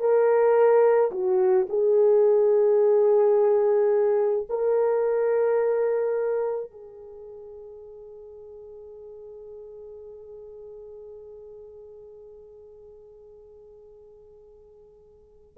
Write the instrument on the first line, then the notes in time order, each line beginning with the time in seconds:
horn
0.00 A#4
1.11 F#4
1.69 G#4
4.49 A#4
6.71 G#4